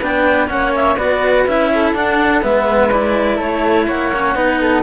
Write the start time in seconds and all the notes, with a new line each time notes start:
0.00 B3 D4 B4 G5
0.48 A#3 C#4 C#5 F#5
0.75 E5
0.96 B3 F#4 B4 D5
1.46 C#4 E4 E5
1.74 A4
1.93 D4 F#5
2.42 G#3 B3 B4 E5
2.91 E4 D5
3.36 A3 A4 C#5
3.87 A#3 C#5 F#5
4.14 C#4
4.35 B3 D#4 B4
4.60 A4